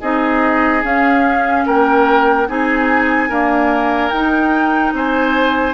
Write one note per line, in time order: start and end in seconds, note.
0.00 0.83 C4
0.00 0.82 D#4
0.00 1.64 G#4
0.00 0.83 D#5
0.82 2.47 C#4
0.82 1.66 C#4
0.82 1.67 F5
1.66 2.48 A#3
1.66 2.48 A#4
1.66 2.49 G5
2.47 3.30 C4
2.47 3.29 D#4
2.47 3.29 G#4
2.47 4.10 G#5
3.29 4.12 A#3
3.29 4.12 D4
3.29 4.93 A#4
4.10 4.93 D#4
4.10 5.74 D#4
4.10 4.92 G5
4.93 5.74 C4
4.93 5.74 C5
4.93 5.74 G#5